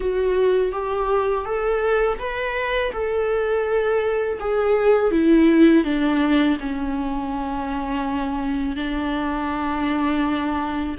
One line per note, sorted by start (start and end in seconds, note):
0.00 0.72 F#4
0.72 1.45 G4
1.45 2.18 A4
2.19 2.92 B4
2.92 4.38 A4
4.40 5.11 G#4
5.11 5.84 E4
5.84 6.57 D4
6.60 8.76 C#4
8.76 10.95 D4